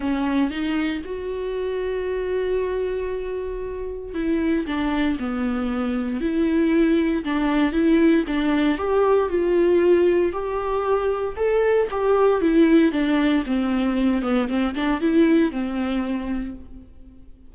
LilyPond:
\new Staff \with { instrumentName = "viola" } { \time 4/4 \tempo 4 = 116 cis'4 dis'4 fis'2~ | fis'1 | e'4 d'4 b2 | e'2 d'4 e'4 |
d'4 g'4 f'2 | g'2 a'4 g'4 | e'4 d'4 c'4. b8 | c'8 d'8 e'4 c'2 | }